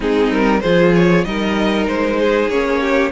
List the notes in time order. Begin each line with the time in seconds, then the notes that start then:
0.00 G#3 C4 D#4 G#4
0.30 G3 A#4
0.60 F3 F4 G#4 C5
0.95 C#5
1.24 G3 D#4 A#4 D#5
1.87 G#3 C5
2.19 G#4
2.49 A#3 C#4 C#5
2.80 G4